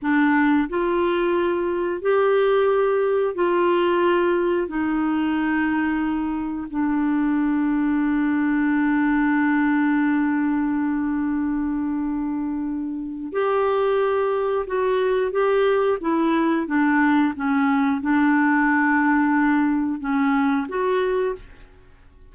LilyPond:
\new Staff \with { instrumentName = "clarinet" } { \time 4/4 \tempo 4 = 90 d'4 f'2 g'4~ | g'4 f'2 dis'4~ | dis'2 d'2~ | d'1~ |
d'1 | g'2 fis'4 g'4 | e'4 d'4 cis'4 d'4~ | d'2 cis'4 fis'4 | }